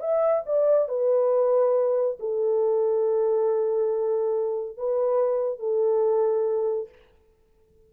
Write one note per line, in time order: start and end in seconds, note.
0.00 0.43 E5
0.46 0.89 D5
0.89 2.18 B4
2.20 4.77 A4
4.77 5.59 B4
5.59 6.89 A4